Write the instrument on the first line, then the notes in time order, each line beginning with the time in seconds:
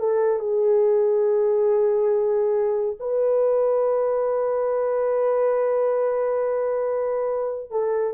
horn
0.00 A4
0.40 G#4
3.00 B4
7.71 A4